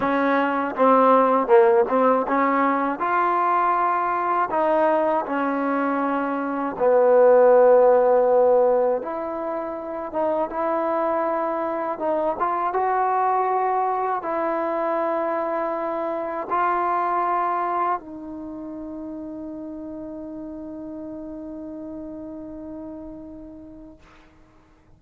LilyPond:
\new Staff \with { instrumentName = "trombone" } { \time 4/4 \tempo 4 = 80 cis'4 c'4 ais8 c'8 cis'4 | f'2 dis'4 cis'4~ | cis'4 b2. | e'4. dis'8 e'2 |
dis'8 f'8 fis'2 e'4~ | e'2 f'2 | dis'1~ | dis'1 | }